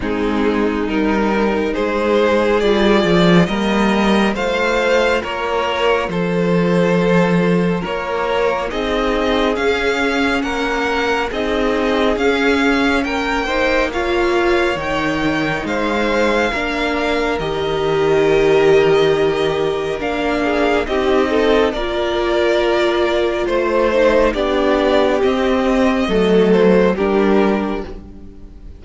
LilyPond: <<
  \new Staff \with { instrumentName = "violin" } { \time 4/4 \tempo 4 = 69 gis'4 ais'4 c''4 d''4 | dis''4 f''4 cis''4 c''4~ | c''4 cis''4 dis''4 f''4 | fis''4 dis''4 f''4 g''4 |
f''4 g''4 f''2 | dis''2. f''4 | dis''4 d''2 c''4 | d''4 dis''4. c''8 ais'4 | }
  \new Staff \with { instrumentName = "violin" } { \time 4/4 dis'2 gis'2 | ais'4 c''4 ais'4 a'4~ | a'4 ais'4 gis'2 | ais'4 gis'2 ais'8 c''8 |
cis''2 c''4 ais'4~ | ais'2.~ ais'8 gis'8 | g'8 a'8 ais'2 c''4 | g'2 a'4 g'4 | }
  \new Staff \with { instrumentName = "viola" } { \time 4/4 c'4 dis'2 f'4 | ais4 f'2.~ | f'2 dis'4 cis'4~ | cis'4 dis'4 cis'4. dis'8 |
f'4 dis'2 d'4 | g'2. d'4 | dis'4 f'2~ f'8 dis'8 | d'4 c'4 a4 d'4 | }
  \new Staff \with { instrumentName = "cello" } { \time 4/4 gis4 g4 gis4 g8 f8 | g4 a4 ais4 f4~ | f4 ais4 c'4 cis'4 | ais4 c'4 cis'4 ais4~ |
ais4 dis4 gis4 ais4 | dis2. ais4 | c'4 ais2 a4 | b4 c'4 fis4 g4 | }
>>